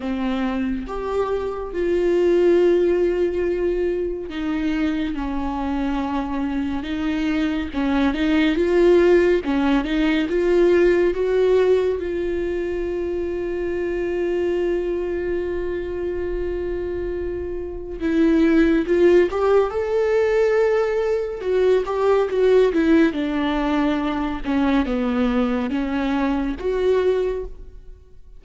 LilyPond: \new Staff \with { instrumentName = "viola" } { \time 4/4 \tempo 4 = 70 c'4 g'4 f'2~ | f'4 dis'4 cis'2 | dis'4 cis'8 dis'8 f'4 cis'8 dis'8 | f'4 fis'4 f'2~ |
f'1~ | f'4 e'4 f'8 g'8 a'4~ | a'4 fis'8 g'8 fis'8 e'8 d'4~ | d'8 cis'8 b4 cis'4 fis'4 | }